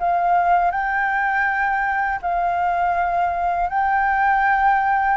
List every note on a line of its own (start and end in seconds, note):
0.00 0.72 F5
0.72 2.20 G5
2.23 3.70 F5
3.70 5.18 G5